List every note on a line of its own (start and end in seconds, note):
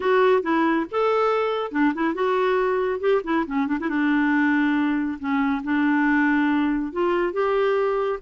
0.00 0.42 F#4
0.42 0.85 E4
0.91 1.71 A4
1.71 1.93 D4
1.94 2.14 E4
2.14 3.00 F#4
3.00 3.21 G4
3.24 3.45 E4
3.46 3.67 C#4
3.67 3.77 D4
3.80 3.89 E4
3.89 5.18 D4
5.19 5.62 C#4
5.63 6.92 D4
6.92 7.32 F4
7.32 8.19 G4